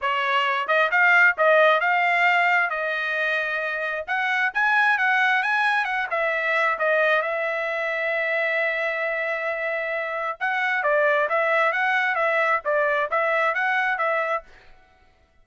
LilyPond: \new Staff \with { instrumentName = "trumpet" } { \time 4/4 \tempo 4 = 133 cis''4. dis''8 f''4 dis''4 | f''2 dis''2~ | dis''4 fis''4 gis''4 fis''4 | gis''4 fis''8 e''4. dis''4 |
e''1~ | e''2. fis''4 | d''4 e''4 fis''4 e''4 | d''4 e''4 fis''4 e''4 | }